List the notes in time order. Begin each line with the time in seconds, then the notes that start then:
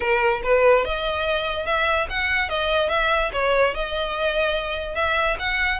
0.00 A#4
0.43 B4
0.84 D#5
1.66 E5
2.09 F#5
2.49 D#5
2.89 E5
3.33 C#5
3.74 D#5
4.95 E5
5.39 F#5